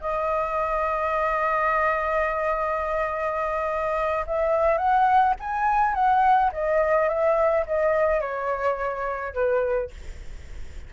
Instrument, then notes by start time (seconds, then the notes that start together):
flute
0.00 D#5
4.26 E5
4.77 F#5
5.39 G#5
5.94 F#5
6.52 D#5
7.08 E5
7.66 D#5
8.20 C#5
9.34 B4